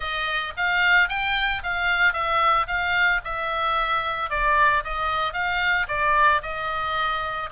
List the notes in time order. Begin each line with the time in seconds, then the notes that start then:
0.00 D#5
0.56 F5
1.09 G5
1.63 F5
2.13 E5
2.67 F5
3.24 E5
4.30 D5
4.84 D#5
5.33 F5
5.88 D5
6.42 D#5